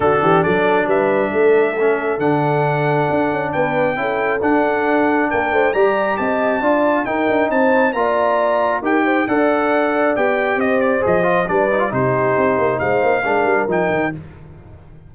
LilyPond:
<<
  \new Staff \with { instrumentName = "trumpet" } { \time 4/4 \tempo 4 = 136 a'4 d''4 e''2~ | e''4 fis''2. | g''2 fis''2 | g''4 ais''4 a''2 |
g''4 a''4 ais''2 | g''4 fis''2 g''4 | dis''8 d''8 dis''4 d''4 c''4~ | c''4 f''2 g''4 | }
  \new Staff \with { instrumentName = "horn" } { \time 4/4 fis'8 g'8 a'4 b'4 a'4~ | a'1 | b'4 a'2. | ais'8 c''8 d''4 dis''4 d''4 |
ais'4 c''4 d''2 | ais'8 c''8 d''2. | c''2 b'4 g'4~ | g'4 c''4 ais'2 | }
  \new Staff \with { instrumentName = "trombone" } { \time 4/4 d'1 | cis'4 d'2.~ | d'4 e'4 d'2~ | d'4 g'2 f'4 |
dis'2 f'2 | g'4 a'2 g'4~ | g'4 gis'8 f'8 d'8 dis'16 f'16 dis'4~ | dis'2 d'4 dis'4 | }
  \new Staff \with { instrumentName = "tuba" } { \time 4/4 d8 e8 fis4 g4 a4~ | a4 d2 d'8 cis'8 | b4 cis'4 d'2 | ais8 a8 g4 c'4 d'4 |
dis'8 d'8 c'4 ais2 | dis'4 d'2 b4 | c'4 f4 g4 c4 | c'8 ais8 gis8 ais8 gis8 g8 f8 dis8 | }
>>